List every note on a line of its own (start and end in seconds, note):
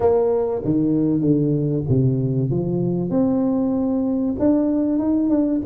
0.00 0.62 A#3
0.64 1.20 D#3
1.20 1.83 D3
1.88 2.50 C3
2.50 3.10 F3
3.10 4.35 C4
4.39 4.99 D4
4.99 5.29 D#4
5.29 5.61 D4